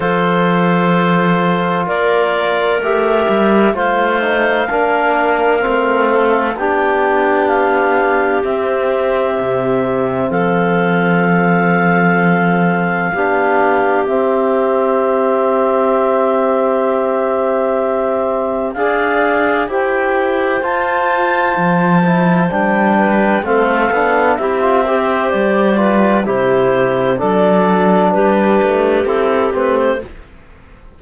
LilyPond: <<
  \new Staff \with { instrumentName = "clarinet" } { \time 4/4 \tempo 4 = 64 c''2 d''4 e''4 | f''2. g''4 | f''4 e''2 f''4~ | f''2. e''4~ |
e''1 | f''4 g''4 a''2 | g''4 f''4 e''4 d''4 | c''4 d''4 b'4 a'8 b'16 c''16 | }
  \new Staff \with { instrumentName = "clarinet" } { \time 4/4 a'2 ais'2 | c''4 ais'4. a'8 g'4~ | g'2. a'4~ | a'2 g'2~ |
g'1 | d''4 c''2.~ | c''8 b'8 a'4 g'8 c''4 b'8 | g'4 a'4 g'2 | }
  \new Staff \with { instrumentName = "trombone" } { \time 4/4 f'2. g'4 | f'8 dis'8 d'4 c'4 d'4~ | d'4 c'2.~ | c'2 d'4 c'4~ |
c'1 | gis'4 g'4 f'4. e'8 | d'4 c'8 d'8 e'16 f'16 g'4 f'8 | e'4 d'2 e'8 c'8 | }
  \new Staff \with { instrumentName = "cello" } { \time 4/4 f2 ais4 a8 g8 | a4 ais4 a4 b4~ | b4 c'4 c4 f4~ | f2 b4 c'4~ |
c'1 | d'4 e'4 f'4 f4 | g4 a8 b8 c'4 g4 | c4 fis4 g8 a8 c'8 a8 | }
>>